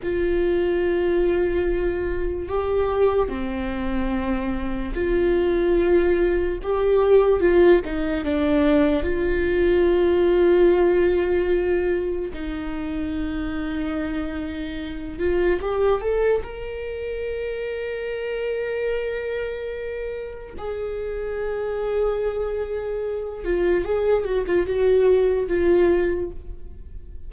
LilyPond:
\new Staff \with { instrumentName = "viola" } { \time 4/4 \tempo 4 = 73 f'2. g'4 | c'2 f'2 | g'4 f'8 dis'8 d'4 f'4~ | f'2. dis'4~ |
dis'2~ dis'8 f'8 g'8 a'8 | ais'1~ | ais'4 gis'2.~ | gis'8 f'8 gis'8 fis'16 f'16 fis'4 f'4 | }